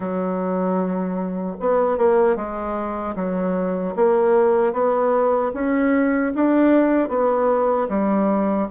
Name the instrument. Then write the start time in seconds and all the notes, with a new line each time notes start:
bassoon
0.00 F#3
1.60 B3
1.97 A#3
2.36 G#3
3.15 F#3
3.95 A#3
4.73 B3
5.53 C#4
6.34 D4
7.08 B3
7.88 G3